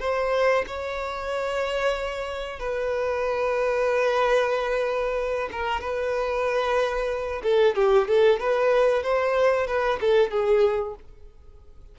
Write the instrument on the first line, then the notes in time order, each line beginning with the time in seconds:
violin
0.00 C5
0.67 C#5
2.59 B4
5.52 A#4
5.80 B4
7.43 A4
7.75 G4
8.08 A4
8.40 B4
9.03 C5
9.67 B4
10.01 A4
10.30 G#4